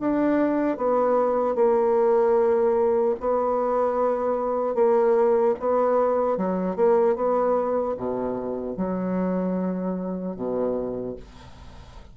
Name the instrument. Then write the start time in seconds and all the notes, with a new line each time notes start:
bassoon
0.00 D4
0.77 B3
1.55 A#3
3.20 B3
4.75 A#3
5.60 B3
6.37 F#3
6.76 A#3
7.15 B3
7.97 B2
8.77 F#3
10.36 B2